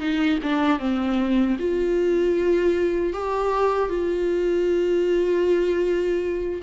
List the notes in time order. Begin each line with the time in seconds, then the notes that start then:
0.00 D#4
0.43 D4
0.79 C4
1.59 F4
3.13 G4
3.89 F4